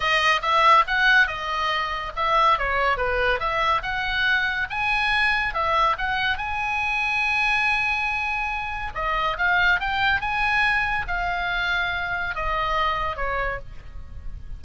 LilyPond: \new Staff \with { instrumentName = "oboe" } { \time 4/4 \tempo 4 = 141 dis''4 e''4 fis''4 dis''4~ | dis''4 e''4 cis''4 b'4 | e''4 fis''2 gis''4~ | gis''4 e''4 fis''4 gis''4~ |
gis''1~ | gis''4 dis''4 f''4 g''4 | gis''2 f''2~ | f''4 dis''2 cis''4 | }